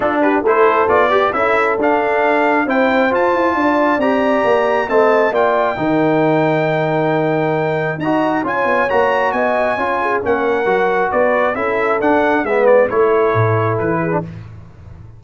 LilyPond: <<
  \new Staff \with { instrumentName = "trumpet" } { \time 4/4 \tempo 4 = 135 a'8 b'8 c''4 d''4 e''4 | f''2 g''4 a''4~ | a''4 ais''2 a''4 | g''1~ |
g''2 ais''4 gis''4 | ais''4 gis''2 fis''4~ | fis''4 d''4 e''4 fis''4 | e''8 d''8 cis''2 b'4 | }
  \new Staff \with { instrumentName = "horn" } { \time 4/4 f'8 g'8 a'4. g'8 a'4~ | a'2 c''2 | d''2. dis''4 | d''4 ais'2.~ |
ais'2 dis''4 cis''4~ | cis''4 dis''4 cis''8 gis'8 ais'4~ | ais'4 b'4 a'2 | b'4 a'2~ a'8 gis'8 | }
  \new Staff \with { instrumentName = "trombone" } { \time 4/4 d'4 e'4 f'8 g'8 e'4 | d'2 e'4 f'4~ | f'4 g'2 c'4 | f'4 dis'2.~ |
dis'2 fis'4 f'4 | fis'2 f'4 cis'4 | fis'2 e'4 d'4 | b4 e'2~ e'8. d'16 | }
  \new Staff \with { instrumentName = "tuba" } { \time 4/4 d'4 a4 b4 cis'4 | d'2 c'4 f'8 e'8 | d'4 c'4 ais4 a4 | ais4 dis2.~ |
dis2 dis'4 cis'8 b8 | ais4 b4 cis'4 ais4 | fis4 b4 cis'4 d'4 | gis4 a4 a,4 e4 | }
>>